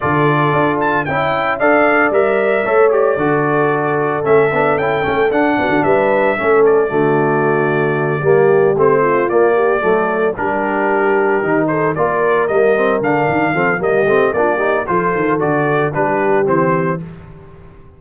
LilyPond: <<
  \new Staff \with { instrumentName = "trumpet" } { \time 4/4 \tempo 4 = 113 d''4. a''8 g''4 f''4 | e''4. d''2~ d''8 | e''4 g''4 fis''4 e''4~ | e''8 d''2.~ d''8~ |
d''8 c''4 d''2 ais'8~ | ais'2 c''8 d''4 dis''8~ | dis''8 f''4. dis''4 d''4 | c''4 d''4 b'4 c''4 | }
  \new Staff \with { instrumentName = "horn" } { \time 4/4 a'2 e''4 d''4~ | d''4 cis''4 a'2~ | a'2~ a'8 fis'8 b'4 | a'4 fis'2~ fis'8 g'8~ |
g'4 f'4 g'8 a'4 g'8~ | g'2 a'8 ais'4.~ | ais'4. a'8 g'4 f'8 g'8 | a'2 g'2 | }
  \new Staff \with { instrumentName = "trombone" } { \time 4/4 f'2 e'4 a'4 | ais'4 a'8 g'8 fis'2 | cis'8 d'8 e'8 cis'8 d'2 | cis'4 a2~ a8 ais8~ |
ais8 c'4 ais4 a4 d'8~ | d'4. dis'4 f'4 ais8 | c'8 d'4 c'8 ais8 c'8 d'8 dis'8 | f'4 fis'4 d'4 c'4 | }
  \new Staff \with { instrumentName = "tuba" } { \time 4/4 d4 d'4 cis'4 d'4 | g4 a4 d2 | a8 b8 cis'8 a8 d'8 b16 d16 g4 | a4 d2~ d8 g8~ |
g8 a4 ais4 fis4 g8~ | g4. dis4 ais4 g8~ | g8 d8 dis8 f8 g8 a8 ais4 | f8 dis8 d4 g4 e4 | }
>>